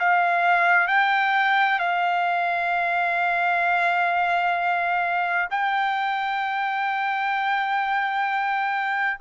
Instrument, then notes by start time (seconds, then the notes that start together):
trumpet
0.00 F5
0.88 G5
1.79 F5
5.50 G5